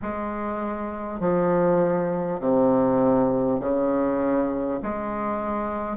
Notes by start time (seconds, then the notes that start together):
0.02 G#3
1.19 F3
2.40 C3
3.60 C#3
4.82 G#3